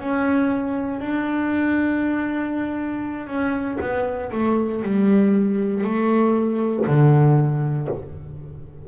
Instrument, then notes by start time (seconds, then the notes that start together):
double bass
0.00 C#4
1.00 D4
3.27 C#4
3.80 B3
4.32 A3
4.83 G3
5.84 A3
6.86 D3